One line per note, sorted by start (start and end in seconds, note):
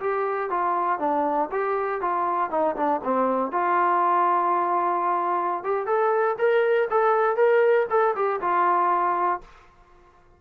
0.00 0.50 G4
0.50 0.99 F4
0.99 1.49 D4
1.51 2.01 G4
2.01 2.50 F4
2.50 2.75 D#4
2.76 3.01 D4
3.03 3.51 C4
3.51 5.63 F4
5.63 5.86 G4
5.86 6.36 A4
6.38 6.88 A#4
6.90 7.36 A4
7.36 7.86 A#4
7.90 8.15 A4
8.15 8.40 G4
8.40 9.40 F4